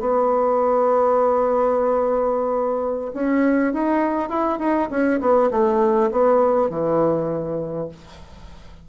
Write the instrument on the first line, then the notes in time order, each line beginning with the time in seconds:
bassoon
0.00 B3
3.13 C#4
3.73 D#4
4.29 E4
4.59 D#4
4.90 C#4
5.20 B3
5.51 A3
6.11 B3
6.69 E3